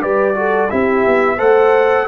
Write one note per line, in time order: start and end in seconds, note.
0.00 0.70 G3
0.00 0.34 G4
0.00 0.35 B4
0.00 0.70 D5
0.35 0.69 F#4
0.35 0.71 A4
0.70 1.06 C4
0.70 1.38 E4
0.70 1.37 G4
0.70 1.39 E5
1.06 1.40 B3
1.37 2.08 A3
1.37 2.07 A4
1.37 2.06 C5
1.37 2.08 F#5